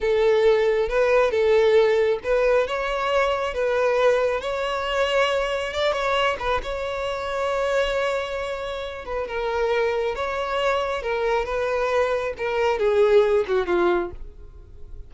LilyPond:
\new Staff \with { instrumentName = "violin" } { \time 4/4 \tempo 4 = 136 a'2 b'4 a'4~ | a'4 b'4 cis''2 | b'2 cis''2~ | cis''4 d''8 cis''4 b'8 cis''4~ |
cis''1~ | cis''8 b'8 ais'2 cis''4~ | cis''4 ais'4 b'2 | ais'4 gis'4. fis'8 f'4 | }